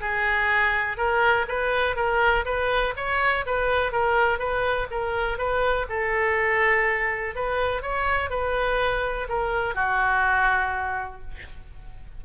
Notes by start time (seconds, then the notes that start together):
0.00 G#4
0.97 A#4
1.48 B4
1.96 A#4
2.45 B4
2.96 C#5
3.46 B4
3.92 A#4
4.38 B4
4.90 A#4
5.37 B4
5.89 A4
7.35 B4
7.82 C#5
8.30 B4
9.29 A#4
9.74 F#4